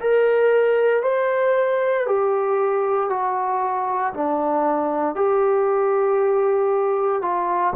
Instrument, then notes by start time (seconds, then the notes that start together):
trombone
0.00 A#4
1.03 C5
2.06 G4
3.10 F#4
4.14 D4
5.15 G4
7.22 F4